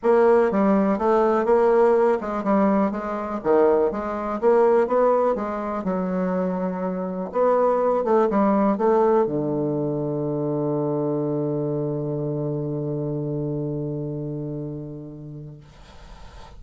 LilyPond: \new Staff \with { instrumentName = "bassoon" } { \time 4/4 \tempo 4 = 123 ais4 g4 a4 ais4~ | ais8 gis8 g4 gis4 dis4 | gis4 ais4 b4 gis4 | fis2. b4~ |
b8 a8 g4 a4 d4~ | d1~ | d1~ | d1 | }